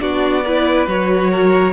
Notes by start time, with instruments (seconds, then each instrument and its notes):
0.00 cello B3, viola D4, violin F#4 D5
0.45 viola E4, violin B4
0.87 cello F#3, viola F#4, violin C#5
1.31 violin A#4